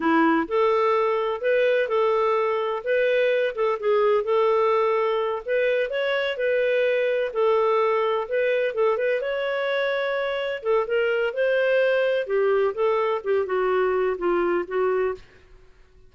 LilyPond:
\new Staff \with { instrumentName = "clarinet" } { \time 4/4 \tempo 4 = 127 e'4 a'2 b'4 | a'2 b'4. a'8 | gis'4 a'2~ a'8 b'8~ | b'8 cis''4 b'2 a'8~ |
a'4. b'4 a'8 b'8 cis''8~ | cis''2~ cis''8 a'8 ais'4 | c''2 g'4 a'4 | g'8 fis'4. f'4 fis'4 | }